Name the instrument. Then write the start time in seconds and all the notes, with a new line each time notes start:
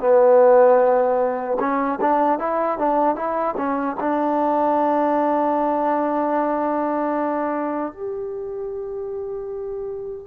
trombone
0.00 B3
1.60 C#4
2.01 D4
2.39 E4
2.78 D4
3.16 E4
3.57 C#4
4.00 D4
7.93 G4